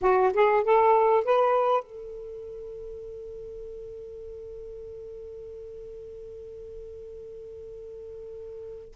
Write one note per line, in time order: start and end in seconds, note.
0.01 0.32 F#4
0.33 0.63 G#4
0.63 1.24 A4
1.24 1.83 B4
1.83 8.94 A4